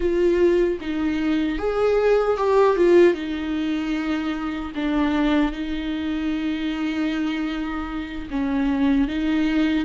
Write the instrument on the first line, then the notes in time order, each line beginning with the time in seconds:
viola
0.00 F4
0.80 D#4
1.58 G#4
2.37 G4
2.76 F4
3.14 D#4
4.75 D4
5.52 D#4
8.30 C#4
9.08 D#4